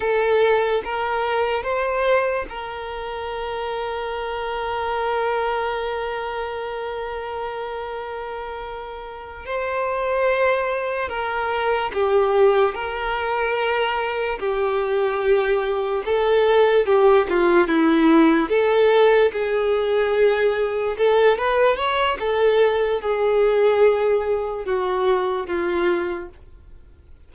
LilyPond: \new Staff \with { instrumentName = "violin" } { \time 4/4 \tempo 4 = 73 a'4 ais'4 c''4 ais'4~ | ais'1~ | ais'2.~ ais'8 c''8~ | c''4. ais'4 g'4 ais'8~ |
ais'4. g'2 a'8~ | a'8 g'8 f'8 e'4 a'4 gis'8~ | gis'4. a'8 b'8 cis''8 a'4 | gis'2 fis'4 f'4 | }